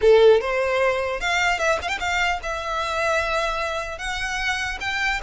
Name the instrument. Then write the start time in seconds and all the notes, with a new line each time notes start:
violin
0.01 A4
0.40 C5
1.20 F5
1.59 E5
1.81 F5
1.88 G5
1.99 F5
2.42 E5
3.98 F#5
4.80 G5